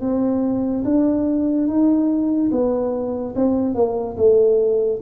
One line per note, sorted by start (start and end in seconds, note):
0.00 0.83 C4
0.84 1.67 D4
1.67 2.50 D#4
2.51 3.34 B3
3.35 3.74 C4
3.74 4.16 A#3
4.17 5.00 A3